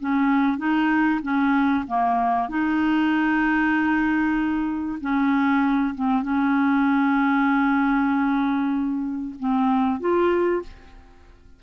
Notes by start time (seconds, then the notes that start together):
0.00 C#4
0.58 D#4
1.22 C#4
1.87 A#3
2.49 D#4
5.01 C#4
5.95 C4
6.22 C#4
9.39 C4
10.00 F4